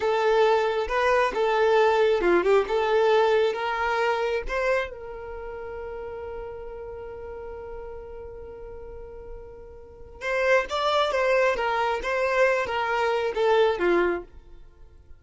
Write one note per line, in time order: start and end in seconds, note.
0.00 0.87 A4
0.88 1.32 B4
1.34 2.21 A4
2.21 2.43 F4
2.43 2.65 G4
2.68 3.53 A4
3.53 4.42 A#4
4.47 4.90 C5
4.90 10.21 A#4
10.21 10.65 C5
10.69 11.11 D5
11.11 11.56 C5
11.56 12.00 A#4
12.02 12.66 C5
12.66 13.33 A#4
13.34 13.78 A4
13.78 14.23 F4